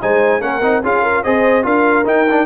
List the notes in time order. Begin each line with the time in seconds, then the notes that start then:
0.00 G#3 D#4 C5 G#5
0.40 A#3 C#4 A#4 F#5
0.61 C4 D#4
0.82 C#4 F4 G#4 F5
1.02 A#4
1.23 C4 G#4 C5 D#5
1.62 D4 F4 A#4 F5
2.05 D#4 G5
2.30 D4